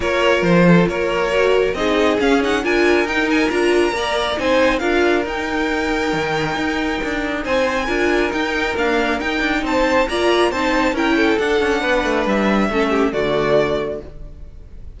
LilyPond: <<
  \new Staff \with { instrumentName = "violin" } { \time 4/4 \tempo 4 = 137 cis''4 c''4 cis''2 | dis''4 f''8 fis''8 gis''4 g''8 gis''8 | ais''2 gis''4 f''4 | g''1~ |
g''4 gis''2 g''4 | f''4 g''4 a''4 ais''4 | a''4 g''4 fis''2 | e''2 d''2 | }
  \new Staff \with { instrumentName = "violin" } { \time 4/4 ais'4. a'8 ais'2 | gis'2 ais'2~ | ais'4 d''4 c''4 ais'4~ | ais'1~ |
ais'4 c''4 ais'2~ | ais'2 c''4 d''4 | c''4 ais'8 a'4. b'4~ | b'4 a'8 g'8 fis'2 | }
  \new Staff \with { instrumentName = "viola" } { \time 4/4 f'2. fis'4 | dis'4 cis'8 dis'8 f'4 dis'4 | f'4 ais'4 dis'4 f'4 | dis'1~ |
dis'2 f'4 dis'4 | ais4 dis'2 f'4 | dis'4 e'4 d'2~ | d'4 cis'4 a2 | }
  \new Staff \with { instrumentName = "cello" } { \time 4/4 ais4 f4 ais2 | c'4 cis'4 d'4 dis'4 | d'4 ais4 c'4 d'4 | dis'2 dis4 dis'4 |
d'4 c'4 d'4 dis'4 | d'4 dis'8 d'8 c'4 ais4 | c'4 cis'4 d'8 cis'8 b8 a8 | g4 a4 d2 | }
>>